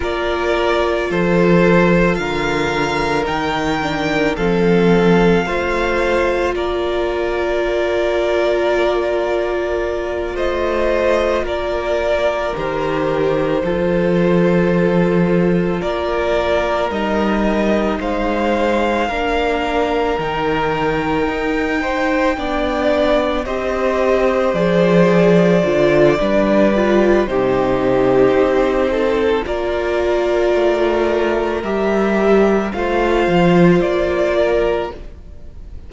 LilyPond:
<<
  \new Staff \with { instrumentName = "violin" } { \time 4/4 \tempo 4 = 55 d''4 c''4 f''4 g''4 | f''2 d''2~ | d''4. dis''4 d''4 c''8~ | c''2~ c''8 d''4 dis''8~ |
dis''8 f''2 g''4.~ | g''4. dis''4 d''4.~ | d''4 c''2 d''4~ | d''4 e''4 f''4 d''4 | }
  \new Staff \with { instrumentName = "violin" } { \time 4/4 ais'4 a'4 ais'2 | a'4 c''4 ais'2~ | ais'4. c''4 ais'4.~ | ais'8 a'2 ais'4.~ |
ais'8 c''4 ais'2~ ais'8 | c''8 d''4 c''2~ c''8 | b'4 g'4. a'8 ais'4~ | ais'2 c''4. ais'8 | }
  \new Staff \with { instrumentName = "viola" } { \time 4/4 f'2. dis'8 d'8 | c'4 f'2.~ | f'2.~ f'8 g'8~ | g'8 f'2. dis'8~ |
dis'4. d'4 dis'4.~ | dis'8 d'4 g'4 gis'4 f'8 | d'8 f'8 dis'2 f'4~ | f'4 g'4 f'2 | }
  \new Staff \with { instrumentName = "cello" } { \time 4/4 ais4 f4 d4 dis4 | f4 a4 ais2~ | ais4. a4 ais4 dis8~ | dis8 f2 ais4 g8~ |
g8 gis4 ais4 dis4 dis'8~ | dis'8 b4 c'4 f4 d8 | g4 c4 c'4 ais4 | a4 g4 a8 f8 ais4 | }
>>